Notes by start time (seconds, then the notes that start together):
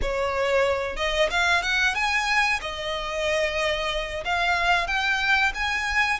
0.01 C#5
0.96 D#5
1.30 F5
1.62 F#5
1.94 G#5
2.61 D#5
4.24 F5
4.87 G5
5.54 G#5